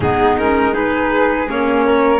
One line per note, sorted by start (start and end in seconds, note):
0.00 1.48 G#3
0.00 0.38 B3
0.00 0.73 D#4
0.00 0.36 G#4
0.37 0.73 C#4
0.37 0.74 A#4
0.73 1.47 D#4
0.73 1.84 G#4
0.73 1.48 B4
1.47 2.19 A#3
1.47 2.19 C#4
1.47 2.19 C#5
1.85 2.19 A#4